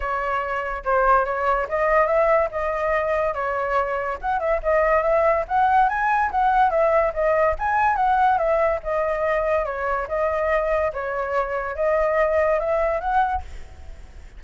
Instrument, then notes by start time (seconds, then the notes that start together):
flute
0.00 C#5
0.84 C5
1.25 C#5
1.68 D#5
2.07 E5
2.51 D#5
3.34 C#5
4.21 F#5
4.39 E5
4.63 D#5
5.03 E5
5.48 F#5
5.88 G#5
6.31 F#5
6.70 E5
7.13 D#5
7.58 G#5
7.96 F#5
8.37 E5
8.83 D#5
9.65 C#5
10.08 D#5
10.93 C#5
11.75 D#5
12.59 E5
13.00 F#5